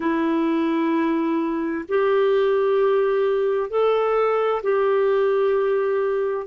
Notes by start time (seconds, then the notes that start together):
0.00 E4
1.88 G4
3.69 A4
4.62 G4